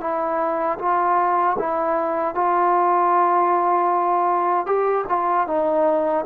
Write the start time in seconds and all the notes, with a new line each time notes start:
0.00 E4
0.78 F4
1.58 E4
2.34 F4
4.66 G4
5.08 F4
5.47 D#4